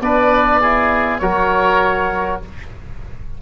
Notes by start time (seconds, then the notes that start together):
0.00 B3 D4 B4 D5
0.60 E4 G#4
1.18 F#3 F#4 A#4 C#5